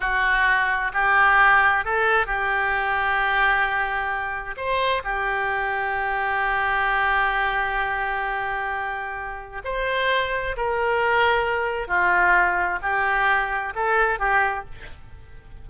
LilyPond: \new Staff \with { instrumentName = "oboe" } { \time 4/4 \tempo 4 = 131 fis'2 g'2 | a'4 g'2.~ | g'2 c''4 g'4~ | g'1~ |
g'1~ | g'4 c''2 ais'4~ | ais'2 f'2 | g'2 a'4 g'4 | }